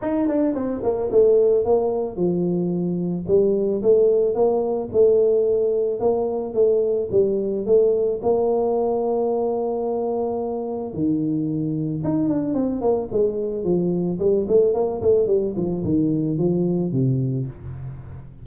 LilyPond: \new Staff \with { instrumentName = "tuba" } { \time 4/4 \tempo 4 = 110 dis'8 d'8 c'8 ais8 a4 ais4 | f2 g4 a4 | ais4 a2 ais4 | a4 g4 a4 ais4~ |
ais1 | dis2 dis'8 d'8 c'8 ais8 | gis4 f4 g8 a8 ais8 a8 | g8 f8 dis4 f4 c4 | }